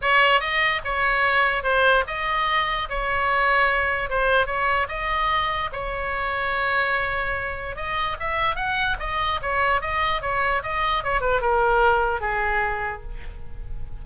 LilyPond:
\new Staff \with { instrumentName = "oboe" } { \time 4/4 \tempo 4 = 147 cis''4 dis''4 cis''2 | c''4 dis''2 cis''4~ | cis''2 c''4 cis''4 | dis''2 cis''2~ |
cis''2. dis''4 | e''4 fis''4 dis''4 cis''4 | dis''4 cis''4 dis''4 cis''8 b'8 | ais'2 gis'2 | }